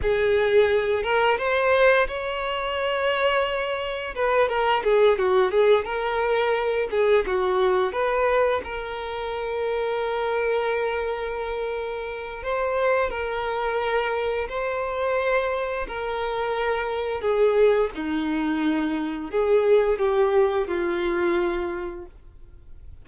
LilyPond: \new Staff \with { instrumentName = "violin" } { \time 4/4 \tempo 4 = 87 gis'4. ais'8 c''4 cis''4~ | cis''2 b'8 ais'8 gis'8 fis'8 | gis'8 ais'4. gis'8 fis'4 b'8~ | b'8 ais'2.~ ais'8~ |
ais'2 c''4 ais'4~ | ais'4 c''2 ais'4~ | ais'4 gis'4 dis'2 | gis'4 g'4 f'2 | }